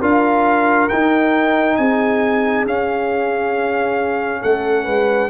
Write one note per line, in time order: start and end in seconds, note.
0.00 0.90 D4
0.00 0.90 F4
0.00 1.76 A#4
0.00 0.89 F5
0.89 1.79 D#4
0.89 2.67 D#4
0.89 1.77 G5
1.77 2.66 C4
1.77 4.42 G#4
1.77 2.65 G#5
2.66 4.43 C#4
2.66 5.31 C#4
2.66 4.43 F5
4.42 4.87 A3
4.42 4.85 A4
4.42 5.31 F#5
4.85 5.31 G#3
4.85 5.29 B4